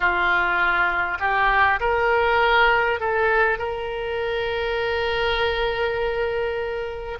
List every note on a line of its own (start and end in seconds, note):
0.00 1.17 F4
1.19 1.79 G4
1.79 2.99 A#4
2.99 3.58 A4
3.58 7.18 A#4